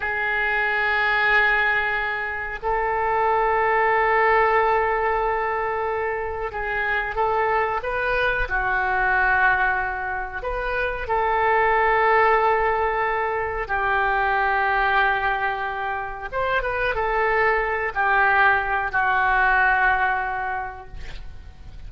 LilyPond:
\new Staff \with { instrumentName = "oboe" } { \time 4/4 \tempo 4 = 92 gis'1 | a'1~ | a'2 gis'4 a'4 | b'4 fis'2. |
b'4 a'2.~ | a'4 g'2.~ | g'4 c''8 b'8 a'4. g'8~ | g'4 fis'2. | }